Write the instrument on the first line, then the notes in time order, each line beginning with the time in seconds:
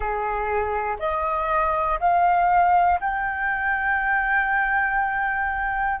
flute
0.00 G#4
0.99 D#5
2.00 F5
3.00 G5